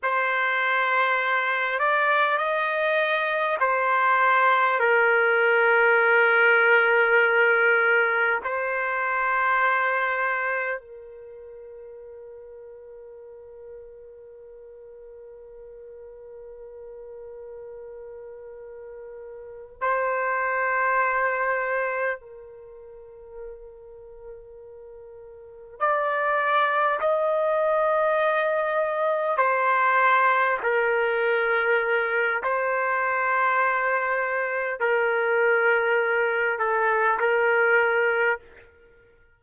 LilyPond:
\new Staff \with { instrumentName = "trumpet" } { \time 4/4 \tempo 4 = 50 c''4. d''8 dis''4 c''4 | ais'2. c''4~ | c''4 ais'2.~ | ais'1~ |
ais'8 c''2 ais'4.~ | ais'4. d''4 dis''4.~ | dis''8 c''4 ais'4. c''4~ | c''4 ais'4. a'8 ais'4 | }